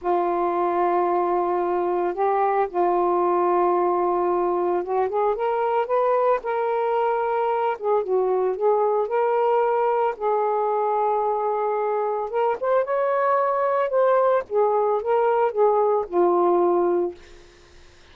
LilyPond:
\new Staff \with { instrumentName = "saxophone" } { \time 4/4 \tempo 4 = 112 f'1 | g'4 f'2.~ | f'4 fis'8 gis'8 ais'4 b'4 | ais'2~ ais'8 gis'8 fis'4 |
gis'4 ais'2 gis'4~ | gis'2. ais'8 c''8 | cis''2 c''4 gis'4 | ais'4 gis'4 f'2 | }